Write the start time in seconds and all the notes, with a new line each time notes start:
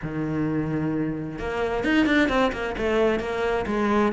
0.02 D#3
1.38 A#3
1.84 D#4
2.06 D4
2.28 C4
2.52 A#3
2.77 A3
3.19 A#3
3.66 G#3